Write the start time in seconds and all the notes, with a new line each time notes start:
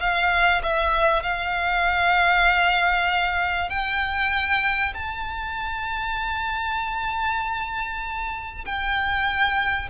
0.00 F5
0.63 E5
1.23 F5
3.70 G5
4.94 A5
8.65 G5